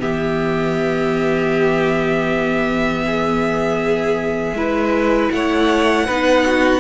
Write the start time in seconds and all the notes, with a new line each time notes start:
0.00 E3 B3 G4 E5
3.06 G#4
4.53 G#3 E4 B4
5.32 A3 C#5 F#5
6.06 B3 D#4 B4
6.46 F#4